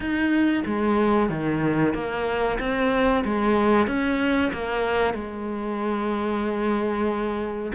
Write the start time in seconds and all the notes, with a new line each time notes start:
0.00 D#4
0.65 G#3
1.29 D#3
1.94 A#3
2.59 C4
3.24 G#3
3.87 C#4
4.52 A#3
5.14 G#3